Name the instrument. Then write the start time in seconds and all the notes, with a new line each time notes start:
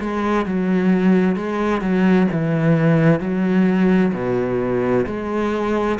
cello
0.00 G#3
0.46 F#3
1.36 G#3
1.81 F#3
2.32 E3
3.20 F#3
4.13 B2
5.06 G#3